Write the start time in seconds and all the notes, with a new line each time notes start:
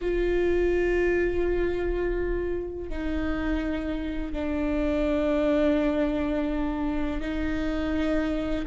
0.01 F4
2.89 D#4
4.32 D4
7.21 D#4